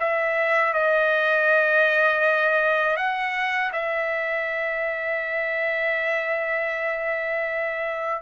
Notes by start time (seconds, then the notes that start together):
0.00 E5
0.74 D#5
2.97 F#5
3.73 E5